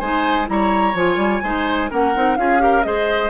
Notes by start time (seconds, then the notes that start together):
0.00 G#3 D#4 C5 G#5
0.46 G3 E4 A#5
0.52 C#5
0.94 F3 F4 G#5
1.17 G3
1.44 G#3 D#4 C5
1.90 A#3 C#4 A#4 F#5
2.15 C4 D#4
2.37 C#4 F4 G#4 F5
2.59 G4 A#4
2.84 G#3 G#4 C5 D#5